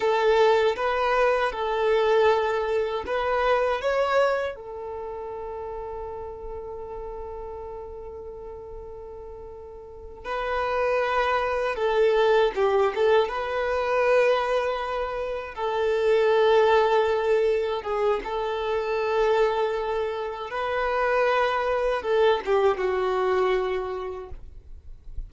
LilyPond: \new Staff \with { instrumentName = "violin" } { \time 4/4 \tempo 4 = 79 a'4 b'4 a'2 | b'4 cis''4 a'2~ | a'1~ | a'4. b'2 a'8~ |
a'8 g'8 a'8 b'2~ b'8~ | b'8 a'2. gis'8 | a'2. b'4~ | b'4 a'8 g'8 fis'2 | }